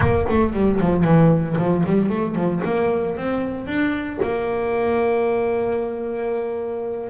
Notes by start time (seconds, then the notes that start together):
0.00 A#3
0.29 A3
0.53 G3
0.80 F3
1.04 E3
1.58 F3
1.85 G3
2.09 A3
2.35 F3
2.64 A#3
3.17 C4
3.66 D4
4.22 A#3